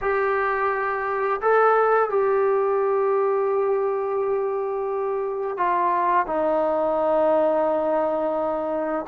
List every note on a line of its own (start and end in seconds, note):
0.01 1.40 G4
1.41 2.09 A4
2.09 5.57 G4
5.57 6.26 F4
6.26 9.05 D#4